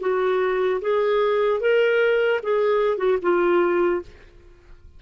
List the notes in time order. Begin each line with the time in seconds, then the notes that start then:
0.00 F#4
0.81 G#4
1.60 A#4
2.43 G#4
2.97 F#4
3.21 F4